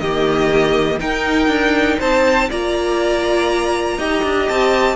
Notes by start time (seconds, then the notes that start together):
0.00 D#3 A#3 G4 D#5
1.00 D#4 A#4 G5
1.48 D4
1.99 C4 C5 A5
2.49 A#3 F4 D5 A#5
3.98 D#4 G4 D#5
4.23 D4
4.49 C4 A5